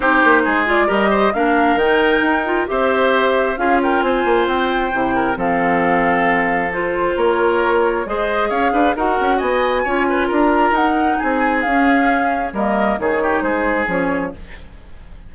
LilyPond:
<<
  \new Staff \with { instrumentName = "flute" } { \time 4/4 \tempo 4 = 134 c''4. d''8 dis''4 f''4 | g''2 e''2 | f''8 g''8 gis''4 g''2 | f''2. c''4 |
cis''2 dis''4 f''4 | fis''4 gis''2 ais''4 | fis''4 gis''4 f''2 | dis''4 cis''4 c''4 cis''4 | }
  \new Staff \with { instrumentName = "oboe" } { \time 4/4 g'4 gis'4 ais'8 c''8 ais'4~ | ais'2 c''2 | gis'8 ais'8 c''2~ c''8 ais'8 | a'1 |
ais'2 c''4 cis''8 b'8 | ais'4 dis''4 cis''8 b'8 ais'4~ | ais'4 gis'2. | ais'4 gis'8 g'8 gis'2 | }
  \new Staff \with { instrumentName = "clarinet" } { \time 4/4 dis'4. f'8 g'4 d'4 | dis'4. f'8 g'2 | f'2. e'4 | c'2. f'4~ |
f'2 gis'2 | fis'2 f'2 | dis'2 cis'2 | ais4 dis'2 cis'4 | }
  \new Staff \with { instrumentName = "bassoon" } { \time 4/4 c'8 ais8 gis4 g4 ais4 | dis4 dis'4 c'2 | cis'4 c'8 ais8 c'4 c4 | f1 |
ais2 gis4 cis'8 d'8 | dis'8 cis'8 b4 cis'4 d'4 | dis'4 c'4 cis'2 | g4 dis4 gis4 f4 | }
>>